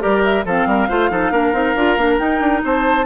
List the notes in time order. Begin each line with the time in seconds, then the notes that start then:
0.00 G3 G4 A#4 D5
0.24 E5
0.45 F3 C4 A4 F5
0.66 G3 A#4
0.89 A3 F4 C5
1.11 F3 D#4 A4
1.31 A#3 D4 A#4
1.53 C4 D#4
1.75 D4 F4
1.97 A#3 D4
2.18 D#4 G5
2.40 D4
2.64 C4 C5 A5